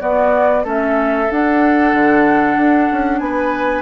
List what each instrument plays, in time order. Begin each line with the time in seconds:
0.00 clarinet B3, bassoon B3, oboe F#4, flute D5
0.64 bassoon A3, clarinet C#4, oboe A4, flute E5
1.31 clarinet D4, bassoon D4, flute F#5
1.93 bassoon D3
2.57 bassoon D4
2.92 bassoon C#4
3.19 bassoon B3, oboe B4, flute G#5